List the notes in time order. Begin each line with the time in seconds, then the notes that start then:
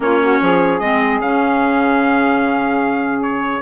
0.00 A#3 C#4 F4 C#5
0.21 F#4
0.41 F3 G#4
0.79 G#3 C4 D#5
1.20 C#3 C#4 F5
3.22 C#5